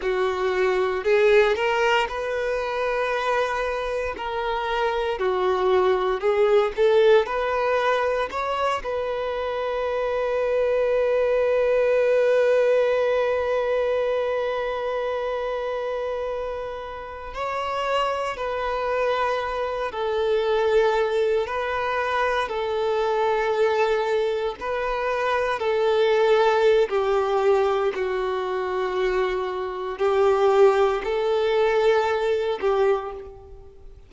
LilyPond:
\new Staff \with { instrumentName = "violin" } { \time 4/4 \tempo 4 = 58 fis'4 gis'8 ais'8 b'2 | ais'4 fis'4 gis'8 a'8 b'4 | cis''8 b'2.~ b'8~ | b'1~ |
b'8. cis''4 b'4. a'8.~ | a'8. b'4 a'2 b'16~ | b'8. a'4~ a'16 g'4 fis'4~ | fis'4 g'4 a'4. g'8 | }